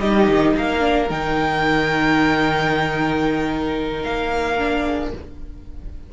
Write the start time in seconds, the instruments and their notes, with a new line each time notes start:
0.00 cello G3, viola D#4, violin G4 D#5
0.29 cello D#3
0.57 cello A#3, violin A#4 F5
0.80 viola D4
1.10 cello D#3, viola D#4, violin G5
4.03 cello A#3, violin F5
4.58 viola D4
4.86 violin G#4